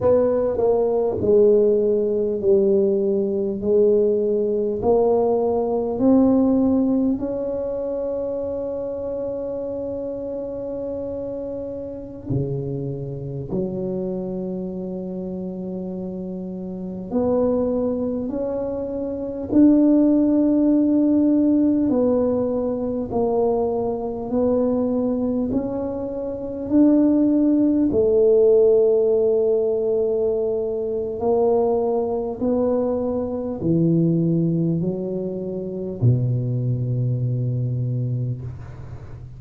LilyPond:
\new Staff \with { instrumentName = "tuba" } { \time 4/4 \tempo 4 = 50 b8 ais8 gis4 g4 gis4 | ais4 c'4 cis'2~ | cis'2~ cis'16 cis4 fis8.~ | fis2~ fis16 b4 cis'8.~ |
cis'16 d'2 b4 ais8.~ | ais16 b4 cis'4 d'4 a8.~ | a2 ais4 b4 | e4 fis4 b,2 | }